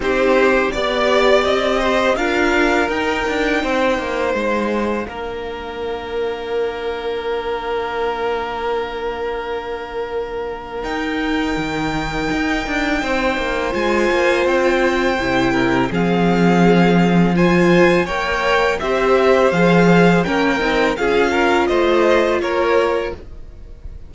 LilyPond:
<<
  \new Staff \with { instrumentName = "violin" } { \time 4/4 \tempo 4 = 83 c''4 d''4 dis''4 f''4 | g''2 f''2~ | f''1~ | f''2. g''4~ |
g''2. gis''4 | g''2 f''2 | gis''4 g''4 e''4 f''4 | g''4 f''4 dis''4 cis''4 | }
  \new Staff \with { instrumentName = "violin" } { \time 4/4 g'4 d''4. c''8 ais'4~ | ais'4 c''2 ais'4~ | ais'1~ | ais'1~ |
ais'2 c''2~ | c''4. ais'8 gis'2 | c''4 cis''4 c''2 | ais'4 gis'8 ais'8 c''4 ais'4 | }
  \new Staff \with { instrumentName = "viola" } { \time 4/4 dis'4 g'2 f'4 | dis'2. d'4~ | d'1~ | d'2. dis'4~ |
dis'2. f'4~ | f'4 e'4 c'2 | f'4 ais'4 g'4 gis'4 | cis'8 dis'8 f'2. | }
  \new Staff \with { instrumentName = "cello" } { \time 4/4 c'4 b4 c'4 d'4 | dis'8 d'8 c'8 ais8 gis4 ais4~ | ais1~ | ais2. dis'4 |
dis4 dis'8 d'8 c'8 ais8 gis8 ais8 | c'4 c4 f2~ | f4 ais4 c'4 f4 | ais8 c'8 cis'4 a4 ais4 | }
>>